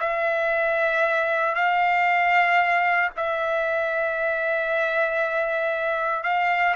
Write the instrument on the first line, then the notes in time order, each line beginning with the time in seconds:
trumpet
0.00 E5
1.55 F5
3.16 E5
6.23 F5